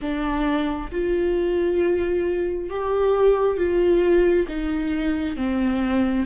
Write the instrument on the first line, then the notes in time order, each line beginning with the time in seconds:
viola
0.01 D4
0.91 F4
2.69 G4
3.57 F4
4.48 D#4
5.36 C4